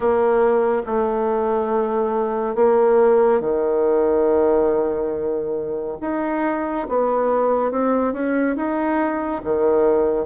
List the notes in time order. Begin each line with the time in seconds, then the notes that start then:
0.00 A#3
0.86 A3
2.55 A#3
3.40 D#3
6.00 D#4
6.88 B3
7.71 C4
8.13 C#4
8.56 D#4
9.44 D#3